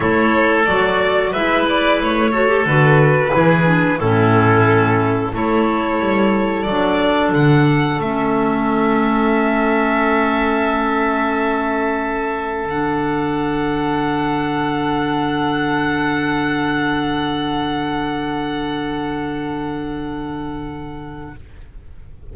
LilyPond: <<
  \new Staff \with { instrumentName = "violin" } { \time 4/4 \tempo 4 = 90 cis''4 d''4 e''8 d''8 cis''4 | b'2 a'2 | cis''2 d''4 fis''4 | e''1~ |
e''2. fis''4~ | fis''1~ | fis''1~ | fis''1 | }
  \new Staff \with { instrumentName = "oboe" } { \time 4/4 a'2 b'4. a'8~ | a'4 gis'4 e'2 | a'1~ | a'1~ |
a'1~ | a'1~ | a'1~ | a'1 | }
  \new Staff \with { instrumentName = "clarinet" } { \time 4/4 e'4 fis'4 e'4. fis'16 g'16 | fis'4 e'8 d'8 cis'2 | e'2 d'2 | cis'1~ |
cis'2. d'4~ | d'1~ | d'1~ | d'1 | }
  \new Staff \with { instrumentName = "double bass" } { \time 4/4 a4 fis4 gis4 a4 | d4 e4 a,2 | a4 g4 fis4 d4 | a1~ |
a2. d4~ | d1~ | d1~ | d1 | }
>>